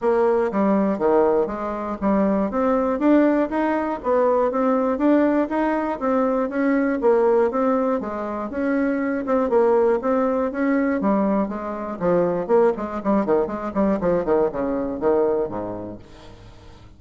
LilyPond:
\new Staff \with { instrumentName = "bassoon" } { \time 4/4 \tempo 4 = 120 ais4 g4 dis4 gis4 | g4 c'4 d'4 dis'4 | b4 c'4 d'4 dis'4 | c'4 cis'4 ais4 c'4 |
gis4 cis'4. c'8 ais4 | c'4 cis'4 g4 gis4 | f4 ais8 gis8 g8 dis8 gis8 g8 | f8 dis8 cis4 dis4 gis,4 | }